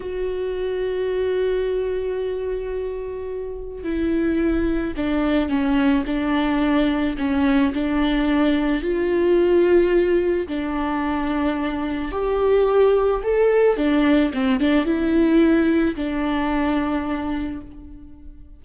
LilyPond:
\new Staff \with { instrumentName = "viola" } { \time 4/4 \tempo 4 = 109 fis'1~ | fis'2. e'4~ | e'4 d'4 cis'4 d'4~ | d'4 cis'4 d'2 |
f'2. d'4~ | d'2 g'2 | a'4 d'4 c'8 d'8 e'4~ | e'4 d'2. | }